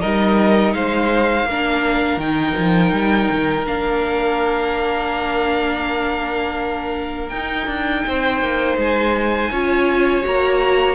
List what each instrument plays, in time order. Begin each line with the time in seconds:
0.00 cello G3, viola D#4, violin A#4 D#5
0.74 cello G#3, violin C5 F5
1.44 cello A#3, viola D4, violin A#4
2.16 cello D#3, viola D#4, violin G5
2.57 cello F3
2.92 cello G3
3.31 cello D#3
3.66 cello A#3, viola D4, violin F5
7.29 cello D#4, violin G5
7.35 viola D#4
7.67 cello D4
8.06 cello C4, violin C5
8.41 cello A#3
8.77 cello G#3, violin G#5
9.51 cello C#4, viola F4, violin C#5
10.22 cello A#3, viola F#4, violin A#5